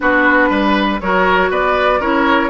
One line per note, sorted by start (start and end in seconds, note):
0.00 0.49 B3
0.00 1.01 D4
0.00 0.49 F#4
0.00 1.00 B4
0.49 1.00 G3
0.49 0.99 B4
1.00 1.50 F#3
1.00 2.00 F#4
1.00 1.50 A#4
1.00 1.51 C#5
1.50 2.00 B3
1.50 1.99 B4
1.50 2.01 D5
1.99 2.50 C#4
1.99 2.50 E4
1.99 2.50 A#4
1.99 2.50 C#5